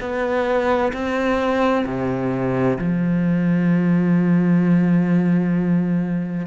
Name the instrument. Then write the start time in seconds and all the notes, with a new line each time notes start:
cello
0.00 B3
0.93 C4
1.85 C3
2.78 F3